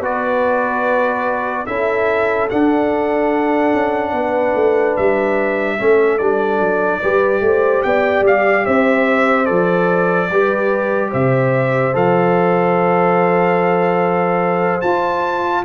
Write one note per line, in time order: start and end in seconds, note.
0.00 1.64 B3
0.00 1.66 F#4
0.00 1.66 B4
0.00 1.66 D5
1.66 2.49 C#4
1.66 2.49 E4
1.66 4.13 A4
1.66 2.48 E5
2.49 5.78 D4
2.49 3.73 D4
2.49 4.96 F#5
3.73 4.12 C#4
4.12 4.53 B3
4.12 5.78 B4
4.55 4.96 A3
4.96 5.80 G3
4.96 6.18 E5
5.78 6.20 A3
5.78 6.19 C#4
5.78 7.00 A4
6.18 6.60 G3
6.18 7.02 D4
6.18 7.82 D5
6.60 7.01 F#3
7.00 7.40 G3
7.00 9.46 G4
7.00 7.41 B4
7.40 7.81 A3
7.40 7.86 C5
7.83 8.21 B3
7.83 8.64 D5
7.83 8.24 G5
8.21 8.62 G3
8.21 8.65 F5
8.64 9.49 C4
8.64 10.29 C5
8.64 9.45 E5
9.45 10.30 F3
9.45 10.28 A4
9.45 11.10 D5
10.30 11.12 G3
10.30 11.93 G4
10.30 11.09 B4
11.09 11.95 C3
11.09 15.61 C5
11.09 11.95 E5
11.93 14.82 F3
11.93 14.81 A4
11.93 14.81 F5
14.81 15.64 F4
14.81 15.63 A5